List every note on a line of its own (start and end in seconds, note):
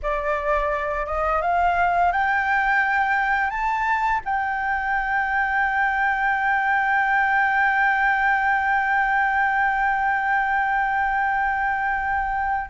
0.02 1.06 D5
1.06 1.41 D#5
1.41 2.12 F5
2.12 3.50 G5
3.50 4.20 A5
4.24 12.69 G5